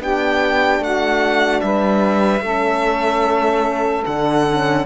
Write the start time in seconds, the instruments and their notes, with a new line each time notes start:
0.00 cello B3, horn D4, saxophone G4, violin G5
0.80 cello A3, saxophone F#4, violin F#5
1.61 cello G3, saxophone B4, violin E5
2.42 cello A3, horn C#4, saxophone A4
4.06 cello D3, horn D4, violin F#5
4.49 horn C#4